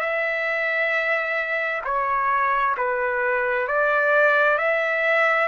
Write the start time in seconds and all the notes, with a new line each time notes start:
0.00 E5
1.85 C#5
2.77 B4
3.68 D5
4.58 E5